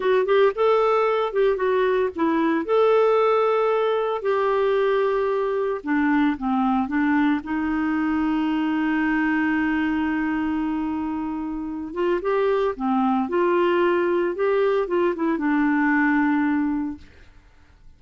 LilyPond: \new Staff \with { instrumentName = "clarinet" } { \time 4/4 \tempo 4 = 113 fis'8 g'8 a'4. g'8 fis'4 | e'4 a'2. | g'2. d'4 | c'4 d'4 dis'2~ |
dis'1~ | dis'2~ dis'8 f'8 g'4 | c'4 f'2 g'4 | f'8 e'8 d'2. | }